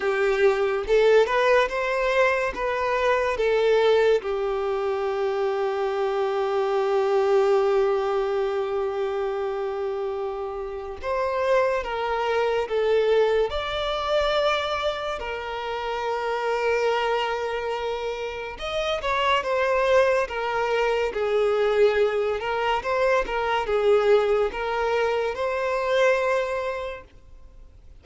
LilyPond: \new Staff \with { instrumentName = "violin" } { \time 4/4 \tempo 4 = 71 g'4 a'8 b'8 c''4 b'4 | a'4 g'2.~ | g'1~ | g'4 c''4 ais'4 a'4 |
d''2 ais'2~ | ais'2 dis''8 cis''8 c''4 | ais'4 gis'4. ais'8 c''8 ais'8 | gis'4 ais'4 c''2 | }